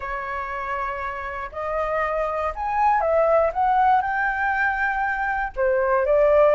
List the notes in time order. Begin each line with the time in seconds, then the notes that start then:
0.00 C#5
1.52 D#5
2.55 G#5
3.00 E5
3.53 F#5
4.01 G5
5.56 C5
6.05 D5